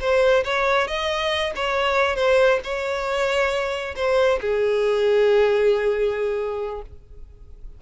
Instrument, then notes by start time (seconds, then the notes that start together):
violin
0.00 C5
0.44 C#5
0.87 D#5
1.55 C#5
2.16 C5
2.64 C#5
3.96 C5
4.41 G#4